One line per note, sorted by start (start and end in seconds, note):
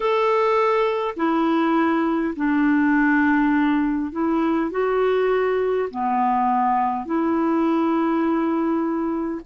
0.00 1.14 A4
1.16 2.34 E4
2.35 4.12 D4
4.12 4.71 E4
4.71 5.88 F#4
5.90 7.05 B3
7.05 9.41 E4